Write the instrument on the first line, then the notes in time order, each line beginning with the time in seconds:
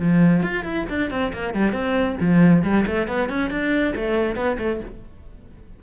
cello
0.00 F3
0.43 F4
0.65 E4
0.90 D4
1.11 C4
1.34 A#3
1.54 G3
1.73 C4
2.21 F3
2.64 G3
2.87 A3
3.08 B3
3.30 C#4
3.51 D4
3.96 A3
4.36 B3
4.59 A3